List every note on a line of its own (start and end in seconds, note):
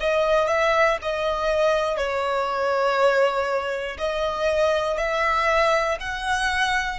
0.00 0.47 D#5
0.47 0.97 E5
1.02 1.97 D#5
1.97 3.97 C#5
3.98 4.98 D#5
4.98 5.98 E5
6.00 6.99 F#5